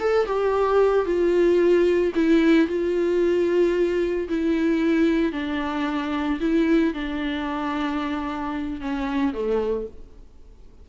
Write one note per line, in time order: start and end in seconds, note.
0.00 0.26 A4
0.26 1.06 G4
1.06 2.13 F4
2.15 2.68 E4
2.68 4.28 F4
4.29 5.32 E4
5.32 6.39 D4
6.40 6.94 E4
6.94 8.81 D4
8.81 9.34 C#4
9.34 9.87 A3